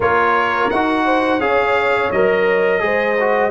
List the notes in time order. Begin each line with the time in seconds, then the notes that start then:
0.00 A#3 F4 A#4 C#5
0.70 D#4 F#4 F#5
1.05 C5
1.40 C#4 G#4 C#5 F5
2.11 F#3 A#4 D#5
2.80 G#3 G#4 C5
3.20 F#4